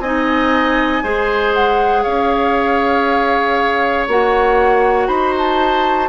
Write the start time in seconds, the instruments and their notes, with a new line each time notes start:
0.00 bassoon C4, clarinet D#4, oboe D#5, flute G#5
1.04 bassoon G#3, clarinet G#4, oboe C5
1.54 flute F#5
2.03 bassoon C#4, oboe C#5, flute F5
4.08 bassoon A#3, clarinet F#4, flute F#5
5.08 bassoon D#4, oboe C5, flute B5
5.38 flute A5